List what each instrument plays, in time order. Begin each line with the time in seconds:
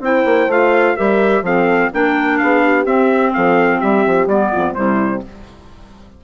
0.00 bassoon C4, clarinet E4, horn C5, trumpet G5
0.25 bassoon A#3
0.47 bassoon A3, clarinet F4, trumpet F5
0.96 bassoon G3, clarinet G4, horn A#4, trumpet E5
1.42 bassoon F3, clarinet C4, horn A4, trumpet F5
1.93 bassoon A#3, clarinet D4, horn A#4, trumpet G5
2.37 bassoon B3, horn G#4, trumpet F5
2.63 horn G4
2.85 bassoon C4, clarinet C4, trumpet E5
3.33 bassoon F3, horn A4, trumpet F5
3.78 bassoon G3, horn G4, trumpet E5
4.06 bassoon F3
4.26 bassoon G3, clarinet B3, trumpet D5
4.51 bassoon F2, horn F4
4.74 bassoon C3, clarinet G3, horn E4, trumpet C5